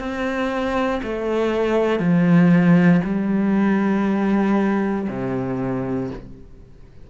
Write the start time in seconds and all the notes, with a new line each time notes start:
0.00 C4
1.04 A3
2.00 F3
3.05 G3
5.09 C3